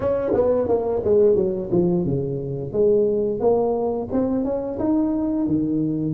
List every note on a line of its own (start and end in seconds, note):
0.00 0.32 C#4
0.33 0.68 B3
0.68 1.02 A#3
1.04 1.35 G#3
1.35 1.69 F#3
1.71 2.04 F3
2.04 2.72 C#3
2.72 3.40 G#3
3.40 4.08 A#3
4.12 4.44 C4
4.44 4.78 C#4
4.79 5.46 D#4
5.46 6.14 D#3